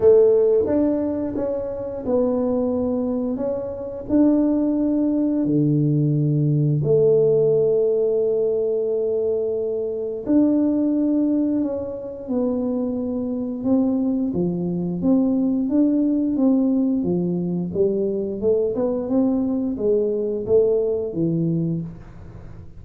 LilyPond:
\new Staff \with { instrumentName = "tuba" } { \time 4/4 \tempo 4 = 88 a4 d'4 cis'4 b4~ | b4 cis'4 d'2 | d2 a2~ | a2. d'4~ |
d'4 cis'4 b2 | c'4 f4 c'4 d'4 | c'4 f4 g4 a8 b8 | c'4 gis4 a4 e4 | }